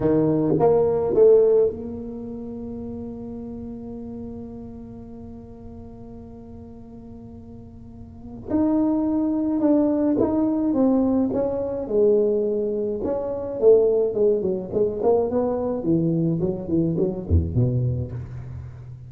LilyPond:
\new Staff \with { instrumentName = "tuba" } { \time 4/4 \tempo 4 = 106 dis4 ais4 a4 ais4~ | ais1~ | ais1~ | ais2. dis'4~ |
dis'4 d'4 dis'4 c'4 | cis'4 gis2 cis'4 | a4 gis8 fis8 gis8 ais8 b4 | e4 fis8 e8 fis8 e,8 b,4 | }